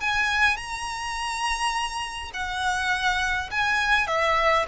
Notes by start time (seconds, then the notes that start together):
0.00 G#5
0.56 A#5
2.33 F#5
3.51 G#5
4.07 E5